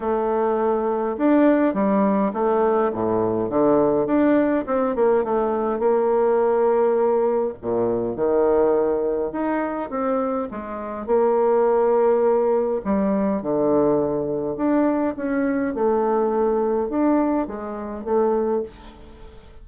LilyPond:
\new Staff \with { instrumentName = "bassoon" } { \time 4/4 \tempo 4 = 103 a2 d'4 g4 | a4 a,4 d4 d'4 | c'8 ais8 a4 ais2~ | ais4 ais,4 dis2 |
dis'4 c'4 gis4 ais4~ | ais2 g4 d4~ | d4 d'4 cis'4 a4~ | a4 d'4 gis4 a4 | }